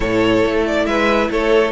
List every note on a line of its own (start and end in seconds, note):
0.00 0.44 A2
0.00 1.71 E4
0.00 0.86 A4
0.00 0.64 C#5
0.45 0.86 A3
0.66 0.86 D5
0.86 1.29 G#3
0.86 1.30 B4
0.86 1.29 E5
1.30 1.71 A3
1.30 1.71 A4
1.30 1.71 C#5